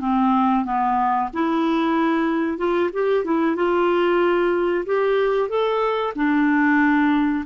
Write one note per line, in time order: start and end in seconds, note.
0.00 0.65 C4
0.65 1.29 B3
1.33 2.58 E4
2.58 2.90 F4
2.93 3.24 G4
3.24 3.55 E4
3.55 4.84 F4
4.86 5.49 G4
5.49 6.13 A4
6.15 7.44 D4